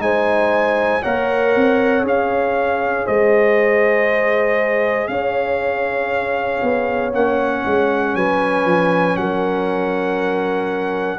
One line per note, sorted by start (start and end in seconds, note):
0.00 1.02 G#3
0.00 1.02 D#4
0.00 1.03 C5
0.00 1.03 G#5
1.03 1.56 A#3
1.03 2.04 A#4
1.03 3.06 C#5
1.03 2.05 F#5
1.56 2.04 C4
2.04 3.05 C#4
2.04 7.12 G#4
2.04 3.07 F5
3.06 5.09 G#3
3.06 5.10 C5
3.06 5.08 D#5
5.08 6.61 C#4
5.08 8.17 C#5
5.08 7.11 F5
6.63 7.14 B3
7.14 7.64 A#3
7.14 11.20 C#4
7.14 8.16 F#5
7.66 8.15 G#3
8.15 8.65 F#3
8.15 9.18 B4
8.15 9.17 G#5
8.65 9.16 F3
9.17 11.20 F#3
9.17 11.20 A#4
9.17 11.20 F#5